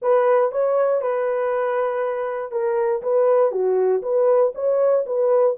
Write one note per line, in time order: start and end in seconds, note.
0.02 0.51 B4
0.51 1.01 C#5
1.01 2.51 B4
2.51 3.02 A#4
3.02 3.51 B4
3.51 4.02 F#4
4.02 4.52 B4
4.54 5.05 C#5
5.06 5.56 B4